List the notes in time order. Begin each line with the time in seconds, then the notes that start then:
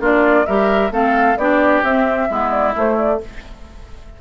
0.00 A#3 D4 F4 D5
0.46 G3 G4 A#4 E5
0.91 A3 C4 A4 F5
1.37 B3 D4 G4 D5
1.83 C4 E5
2.29 G#3 B3 E4
2.51 D5
2.76 A3 C5
2.98 D5